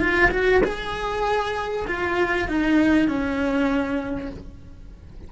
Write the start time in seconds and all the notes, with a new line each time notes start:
0.00 F4
0.31 F#4
0.64 G#4
1.88 F4
2.48 D#4
3.08 C#4